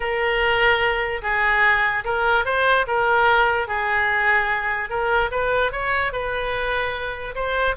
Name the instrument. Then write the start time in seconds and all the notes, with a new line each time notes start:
oboe
0.00 A#4
1.22 G#4
2.04 A#4
2.45 C5
2.87 A#4
3.67 G#4
4.89 A#4
5.31 B4
5.71 C#5
6.12 B4
7.35 C5